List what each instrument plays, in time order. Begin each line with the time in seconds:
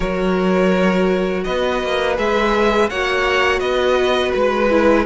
0.00 cello F#3, viola F#4, violin A#4 C#5
1.44 cello B3, violin B4 D#5
1.83 cello A#3
2.16 cello G#3, viola G#4, violin E5
2.89 cello A#3, viola F#4, violin C#5 F#5
3.59 cello B3, violin B4 D#5
4.33 cello G#3, violin B4
4.70 viola E4